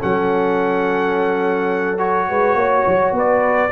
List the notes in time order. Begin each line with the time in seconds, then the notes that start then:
0.00 F#3 C#4 A4 F#5
1.98 F#4 C#5
2.29 G#3 B4
2.55 A#3 C#5
2.87 F#3
3.12 B3 B4
3.19 D5